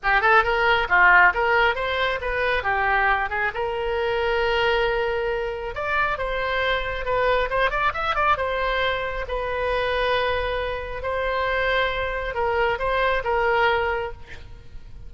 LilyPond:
\new Staff \with { instrumentName = "oboe" } { \time 4/4 \tempo 4 = 136 g'8 a'8 ais'4 f'4 ais'4 | c''4 b'4 g'4. gis'8 | ais'1~ | ais'4 d''4 c''2 |
b'4 c''8 d''8 e''8 d''8 c''4~ | c''4 b'2.~ | b'4 c''2. | ais'4 c''4 ais'2 | }